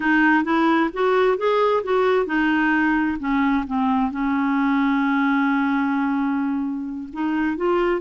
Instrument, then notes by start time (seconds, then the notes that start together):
clarinet
0.00 D#4
0.44 E4
0.93 F#4
1.37 G#4
1.83 F#4
2.26 D#4
3.19 C#4
3.66 C4
4.11 C#4
7.12 D#4
7.57 F4